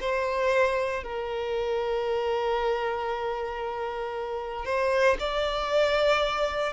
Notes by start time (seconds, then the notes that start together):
0.00 C5
1.03 A#4
4.65 C5
5.19 D5